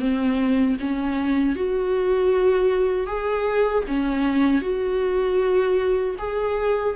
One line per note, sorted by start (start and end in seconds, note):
0.00 0.77 C4
0.80 1.56 C#4
1.56 3.07 F#4
3.07 3.84 G#4
3.88 4.62 C#4
4.62 6.16 F#4
6.19 6.95 G#4